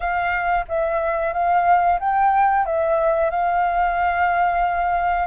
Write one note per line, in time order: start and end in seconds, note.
0.00 0.65 F5
0.68 1.33 E5
1.33 1.99 F5
1.99 2.65 G5
2.65 3.30 E5
3.30 5.27 F5